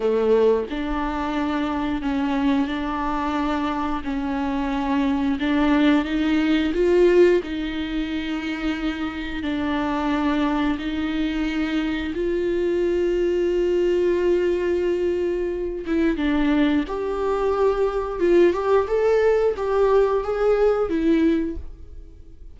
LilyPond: \new Staff \with { instrumentName = "viola" } { \time 4/4 \tempo 4 = 89 a4 d'2 cis'4 | d'2 cis'2 | d'4 dis'4 f'4 dis'4~ | dis'2 d'2 |
dis'2 f'2~ | f'2.~ f'8 e'8 | d'4 g'2 f'8 g'8 | a'4 g'4 gis'4 e'4 | }